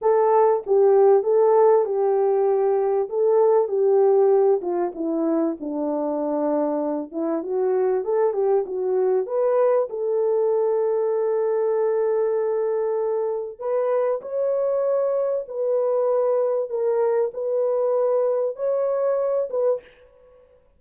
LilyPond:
\new Staff \with { instrumentName = "horn" } { \time 4/4 \tempo 4 = 97 a'4 g'4 a'4 g'4~ | g'4 a'4 g'4. f'8 | e'4 d'2~ d'8 e'8 | fis'4 a'8 g'8 fis'4 b'4 |
a'1~ | a'2 b'4 cis''4~ | cis''4 b'2 ais'4 | b'2 cis''4. b'8 | }